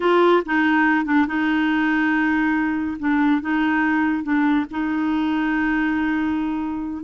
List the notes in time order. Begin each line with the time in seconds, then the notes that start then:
0.00 F4
0.45 D#4
1.05 D4
1.27 D#4
2.99 D4
3.41 D#4
4.23 D4
4.70 D#4